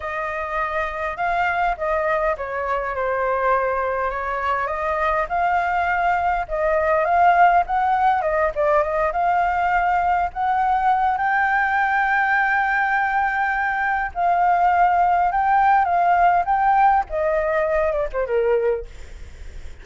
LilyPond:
\new Staff \with { instrumentName = "flute" } { \time 4/4 \tempo 4 = 102 dis''2 f''4 dis''4 | cis''4 c''2 cis''4 | dis''4 f''2 dis''4 | f''4 fis''4 dis''8 d''8 dis''8 f''8~ |
f''4. fis''4. g''4~ | g''1 | f''2 g''4 f''4 | g''4 dis''4. d''16 c''16 ais'4 | }